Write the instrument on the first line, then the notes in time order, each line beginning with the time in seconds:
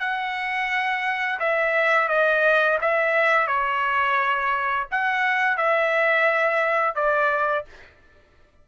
trumpet
0.00 F#5
1.40 E5
2.09 D#5
2.82 E5
3.48 C#5
4.92 F#5
5.58 E5
6.96 D5